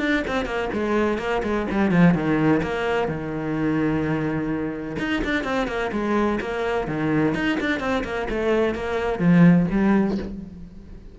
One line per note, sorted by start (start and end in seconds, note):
0.00 0.24 D4
0.28 0.46 C4
0.46 0.70 A#3
0.73 1.19 G#3
1.19 1.42 A#3
1.43 1.67 G#3
1.72 1.92 G3
1.92 2.15 F3
2.15 2.62 D#3
2.63 3.08 A#3
3.08 4.97 D#3
4.99 5.23 D#4
5.25 5.44 D4
5.44 5.68 C4
5.68 5.92 A#3
5.93 6.40 G#3
6.41 6.88 A#3
6.88 7.35 D#3
7.35 7.59 D#4
7.61 7.80 D4
7.80 8.04 C4
8.05 8.28 A#3
8.30 8.75 A3
8.75 9.19 A#3
9.19 9.67 F3
9.71 10.18 G3